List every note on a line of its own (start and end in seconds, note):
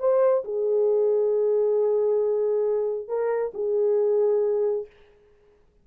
0.00 0.44 C5
0.45 3.08 G#4
3.08 3.53 A#4
3.54 4.87 G#4